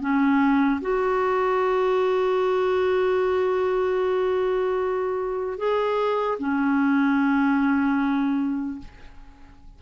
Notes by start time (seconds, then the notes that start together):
0.00 C#4
0.81 F#4
5.57 G#4
6.39 C#4